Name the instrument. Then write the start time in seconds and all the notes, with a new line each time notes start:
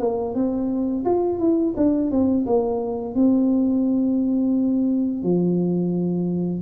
tuba
0.00 A#3
0.35 C4
1.05 F4
1.39 E4
1.77 D4
2.11 C4
2.46 A#3
3.15 C4
5.23 F3